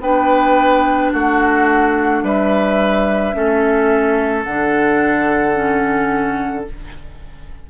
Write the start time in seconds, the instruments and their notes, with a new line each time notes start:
0.00 bassoon B3, clarinet D4, oboe B4, flute G5
1.13 bassoon A3, oboe F#4, flute F#5
2.23 bassoon G3, oboe B4, flute E5
3.33 bassoon A3, clarinet C#4, oboe A4
4.43 bassoon D3, clarinet D4, flute F#5
5.54 clarinet C#4